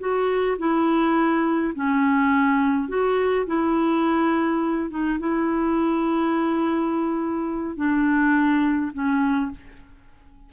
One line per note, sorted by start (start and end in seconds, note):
0.00 0.58 F#4
0.58 1.74 E4
1.75 2.89 C#4
2.89 3.46 F#4
3.47 4.90 E4
4.90 5.19 D#4
5.20 7.76 E4
7.76 8.92 D4
8.94 9.51 C#4